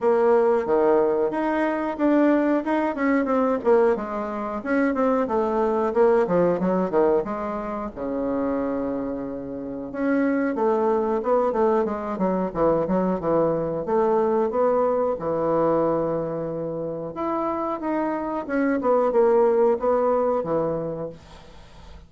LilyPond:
\new Staff \with { instrumentName = "bassoon" } { \time 4/4 \tempo 4 = 91 ais4 dis4 dis'4 d'4 | dis'8 cis'8 c'8 ais8 gis4 cis'8 c'8 | a4 ais8 f8 fis8 dis8 gis4 | cis2. cis'4 |
a4 b8 a8 gis8 fis8 e8 fis8 | e4 a4 b4 e4~ | e2 e'4 dis'4 | cis'8 b8 ais4 b4 e4 | }